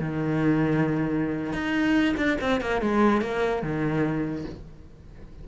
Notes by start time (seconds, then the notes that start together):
0.00 D#3
1.53 D#4
2.17 D4
2.41 C4
2.61 A#3
2.82 G#3
3.21 A#3
3.63 D#3